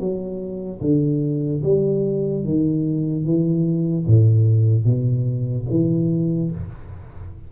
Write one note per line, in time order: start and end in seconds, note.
0.00 0.81 F#3
0.81 1.63 D3
1.64 2.45 G3
2.45 3.26 D#3
3.26 4.07 E3
4.07 4.85 A2
4.85 5.66 B2
5.70 6.51 E3